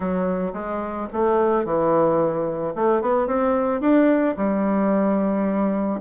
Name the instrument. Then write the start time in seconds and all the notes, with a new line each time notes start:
bassoon
0.00 F#3
0.53 G#3
1.12 A3
1.64 E3
2.75 A3
3.01 B3
3.27 C4
3.80 D4
4.37 G3